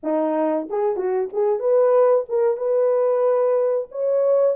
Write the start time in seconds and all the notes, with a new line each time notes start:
0.03 D#4
0.69 G#4
0.96 F#4
1.32 G#4
1.59 B4
2.29 A#4
2.57 B4
3.91 C#5